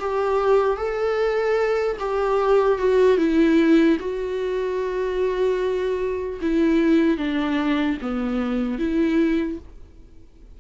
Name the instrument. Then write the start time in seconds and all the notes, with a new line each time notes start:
viola
0.00 G4
0.77 A4
2.00 G4
2.78 F#4
3.18 E4
4.00 F#4
6.41 E4
7.17 D4
8.02 B3
8.79 E4